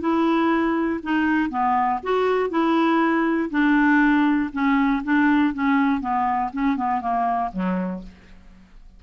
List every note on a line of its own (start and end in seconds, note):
0.00 1.00 E4
1.03 1.50 D#4
1.50 2.00 B3
2.02 2.49 F#4
2.49 3.49 E4
3.50 4.50 D4
4.52 5.02 C#4
5.04 5.53 D4
5.53 6.00 C#4
6.00 6.50 B3
6.53 6.76 C#4
6.76 7.01 B3
7.01 7.51 A#3
7.52 8.03 F#3